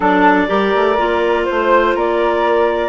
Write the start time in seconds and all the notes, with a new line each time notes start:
0.00 F#3 D4 A4 D5
0.47 G3 G4 A#4
0.74 A3
0.97 A#3 F4
1.45 A3 C5
1.94 A#3 A#4 D5